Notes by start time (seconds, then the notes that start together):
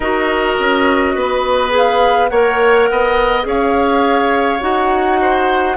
0.00 D#4 F#4 A#4 D#5
0.59 C#4
1.14 B3 B4
1.70 G#4
1.77 F5
2.28 A#3 A#4 C#5 F#5
2.90 B3 D#5
3.43 C#4 G#4 C#5
3.49 F5
4.60 D#4 F#4 F#5
5.21 C5